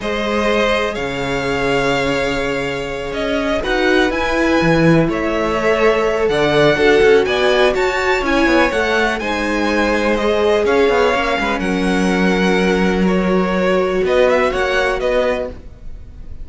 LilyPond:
<<
  \new Staff \with { instrumentName = "violin" } { \time 4/4 \tempo 4 = 124 dis''2 f''2~ | f''2~ f''8 dis''4 fis''8~ | fis''8 gis''2 e''4.~ | e''4 fis''2 gis''4 |
a''4 gis''4 fis''4 gis''4~ | gis''4 dis''4 f''2 | fis''2. cis''4~ | cis''4 dis''8 e''8 fis''4 dis''4 | }
  \new Staff \with { instrumentName = "violin" } { \time 4/4 c''2 cis''2~ | cis''2.~ cis''8 b'8~ | b'2~ b'8 cis''4.~ | cis''4 d''4 a'4 d''4 |
cis''2. c''4~ | c''2 cis''4. b'8 | ais'1~ | ais'4 b'4 cis''4 b'4 | }
  \new Staff \with { instrumentName = "viola" } { \time 4/4 gis'1~ | gis'2.~ gis'8 fis'8~ | fis'8 e'2. a'8~ | a'2 fis'2~ |
fis'4 e'4 a'4 dis'4~ | dis'4 gis'2 cis'4~ | cis'2. fis'4~ | fis'1 | }
  \new Staff \with { instrumentName = "cello" } { \time 4/4 gis2 cis2~ | cis2~ cis8 cis'4 dis'8~ | dis'8 e'4 e4 a4.~ | a4 d4 d'8 cis'8 b4 |
fis'4 cis'8 b8 a4 gis4~ | gis2 cis'8 b8 ais8 gis8 | fis1~ | fis4 b4 ais4 b4 | }
>>